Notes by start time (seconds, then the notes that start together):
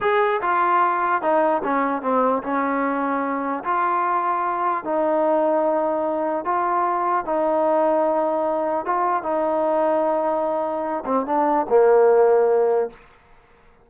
0.00 G#4
0.41 F4
1.22 D#4
1.63 C#4
2.02 C4
2.42 C#4
3.64 F4
4.84 D#4
6.44 F4
7.25 D#4
8.85 F4
9.23 D#4
11.05 C4
11.26 D4
11.69 A#3